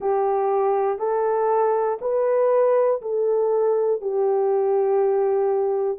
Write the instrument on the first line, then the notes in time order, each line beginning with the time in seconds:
horn
0.00 G4
0.98 A4
2.00 B4
3.01 A4
4.01 G4